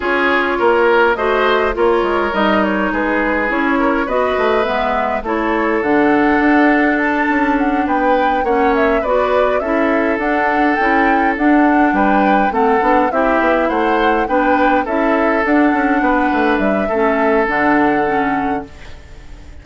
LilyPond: <<
  \new Staff \with { instrumentName = "flute" } { \time 4/4 \tempo 4 = 103 cis''2 dis''4 cis''4 | dis''8 cis''8 b'4 cis''4 dis''4 | e''4 cis''4 fis''2 | a''4 fis''8 g''4 fis''8 e''8 d''8~ |
d''8 e''4 fis''4 g''4 fis''8~ | fis''8 g''4 fis''4 e''4 fis''8~ | fis''8 g''4 e''4 fis''4.~ | fis''8 e''4. fis''2 | }
  \new Staff \with { instrumentName = "oboe" } { \time 4/4 gis'4 ais'4 c''4 ais'4~ | ais'4 gis'4. ais'8 b'4~ | b'4 a'2.~ | a'4. b'4 cis''4 b'8~ |
b'8 a'2.~ a'8~ | a'8 b'4 a'4 g'4 c''8~ | c''8 b'4 a'2 b'8~ | b'4 a'2. | }
  \new Staff \with { instrumentName = "clarinet" } { \time 4/4 f'2 fis'4 f'4 | dis'2 e'4 fis'4 | b4 e'4 d'2~ | d'2~ d'8 cis'4 fis'8~ |
fis'8 e'4 d'4 e'4 d'8~ | d'4. c'8 d'8 e'4.~ | e'8 d'4 e'4 d'4.~ | d'4 cis'4 d'4 cis'4 | }
  \new Staff \with { instrumentName = "bassoon" } { \time 4/4 cis'4 ais4 a4 ais8 gis8 | g4 gis4 cis'4 b8 a8 | gis4 a4 d4 d'4~ | d'8 cis'4 b4 ais4 b8~ |
b8 cis'4 d'4 cis'4 d'8~ | d'8 g4 a8 b8 c'8 b8 a8~ | a8 b4 cis'4 d'8 cis'8 b8 | a8 g8 a4 d2 | }
>>